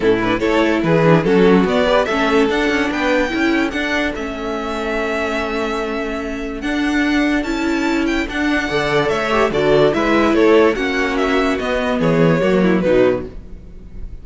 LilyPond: <<
  \new Staff \with { instrumentName = "violin" } { \time 4/4 \tempo 4 = 145 a'8 b'8 cis''4 b'4 a'4 | d''4 e''4 fis''4 g''4~ | g''4 fis''4 e''2~ | e''1 |
fis''2 a''4. g''8 | fis''2 e''4 d''4 | e''4 cis''4 fis''4 e''4 | dis''4 cis''2 b'4 | }
  \new Staff \with { instrumentName = "violin" } { \time 4/4 e'4 a'4 gis'4 fis'4~ | fis'8 b'8 a'2 b'4 | a'1~ | a'1~ |
a'1~ | a'4 d''4 cis''4 a'4 | b'4 a'4 fis'2~ | fis'4 gis'4 fis'8 e'8 dis'4 | }
  \new Staff \with { instrumentName = "viola" } { \time 4/4 cis'8 d'8 e'4. d'8 cis'4 | b8 g'8 cis'4 d'2 | e'4 d'4 cis'2~ | cis'1 |
d'2 e'2 | d'4 a'4. g'8 fis'4 | e'2 cis'2 | b2 ais4 fis4 | }
  \new Staff \with { instrumentName = "cello" } { \time 4/4 a,4 a4 e4 fis4 | b4 a4 d'8 cis'8 b4 | cis'4 d'4 a2~ | a1 |
d'2 cis'2 | d'4 d4 a4 d4 | gis4 a4 ais2 | b4 e4 fis4 b,4 | }
>>